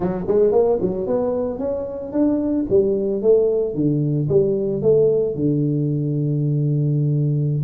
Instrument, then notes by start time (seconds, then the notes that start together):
tuba
0.00 F#3
0.27 G#3
0.52 A#3
0.81 F#3
1.06 B3
1.58 C#4
2.12 D4
2.69 G3
3.21 A3
3.74 D3
4.28 G3
4.82 A3
5.35 D3